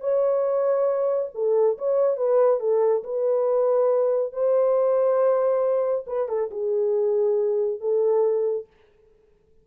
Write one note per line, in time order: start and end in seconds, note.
0.00 1.29 C#5
1.34 1.78 A4
1.78 2.17 C#5
2.17 2.60 B4
2.60 3.03 A4
3.03 4.32 B4
4.32 6.05 C5
6.07 6.28 B4
6.28 6.50 A4
6.51 7.80 G#4
7.80 8.67 A4